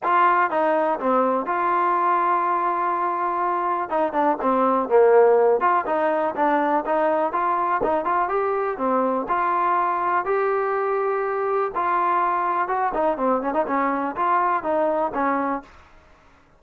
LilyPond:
\new Staff \with { instrumentName = "trombone" } { \time 4/4 \tempo 4 = 123 f'4 dis'4 c'4 f'4~ | f'1 | dis'8 d'8 c'4 ais4. f'8 | dis'4 d'4 dis'4 f'4 |
dis'8 f'8 g'4 c'4 f'4~ | f'4 g'2. | f'2 fis'8 dis'8 c'8 cis'16 dis'16 | cis'4 f'4 dis'4 cis'4 | }